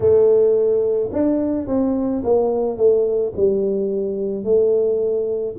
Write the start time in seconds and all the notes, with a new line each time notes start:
0.00 A3
1.12 D4
1.67 C4
2.24 A#3
2.77 A3
3.36 G3
4.43 A3